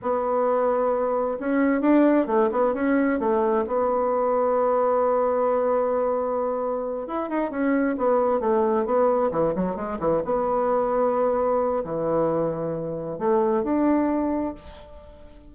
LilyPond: \new Staff \with { instrumentName = "bassoon" } { \time 4/4 \tempo 4 = 132 b2. cis'4 | d'4 a8 b8 cis'4 a4 | b1~ | b2.~ b8 e'8 |
dis'8 cis'4 b4 a4 b8~ | b8 e8 fis8 gis8 e8 b4.~ | b2 e2~ | e4 a4 d'2 | }